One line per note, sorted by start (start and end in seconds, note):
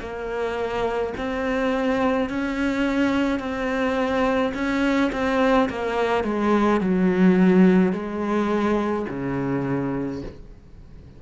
0.00 1.13 A#3
1.17 2.29 C4
2.29 3.39 C#4
3.39 4.52 C4
4.54 5.10 C#4
5.12 5.69 C4
5.70 6.24 A#3
6.24 6.80 G#3
6.80 7.92 F#3
7.92 9.06 G#3
9.09 10.22 C#3